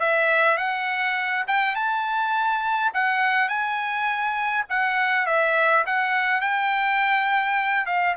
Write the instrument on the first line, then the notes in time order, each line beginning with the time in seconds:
trumpet
0.00 E5
0.57 F#5
1.48 G5
1.76 A5
2.94 F#5
3.49 G#5
4.70 F#5
5.26 E5
5.86 F#5
6.41 G5
7.86 F5